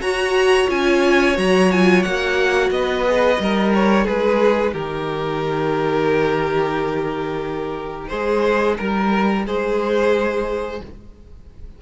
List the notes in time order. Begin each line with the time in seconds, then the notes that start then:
0.00 F#4 C#5 A#5
0.67 C#4 F4 G#5
1.34 F#3 F#4 A#5
1.71 F4 G#5
2.02 A#3 F#4 F#5
2.70 B3 B4 D#5
3.07 G#4
3.38 G3 D#4 A#4
3.74 C#5
4.04 G#3 G#4 B4
4.72 D#3 G4 A#4
8.07 G#3 G#4 C5
8.77 G3 A#4
9.46 G#3 G#4 C5